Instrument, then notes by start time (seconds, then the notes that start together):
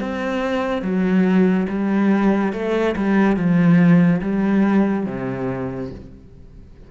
cello
0.00 C4
0.82 F#3
1.68 G3
2.53 A3
2.96 G3
3.36 F3
4.21 G3
5.06 C3